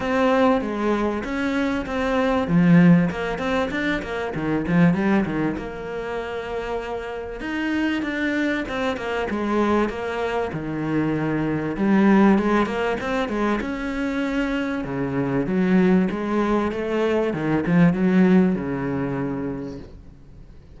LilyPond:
\new Staff \with { instrumentName = "cello" } { \time 4/4 \tempo 4 = 97 c'4 gis4 cis'4 c'4 | f4 ais8 c'8 d'8 ais8 dis8 f8 | g8 dis8 ais2. | dis'4 d'4 c'8 ais8 gis4 |
ais4 dis2 g4 | gis8 ais8 c'8 gis8 cis'2 | cis4 fis4 gis4 a4 | dis8 f8 fis4 cis2 | }